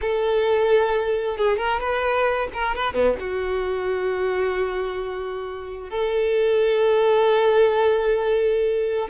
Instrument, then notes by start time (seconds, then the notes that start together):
violin
0.01 A4
1.37 G#4
1.57 A#4
1.80 B4
2.53 A#4
2.75 B4
2.93 B3
3.19 F#4
5.90 A4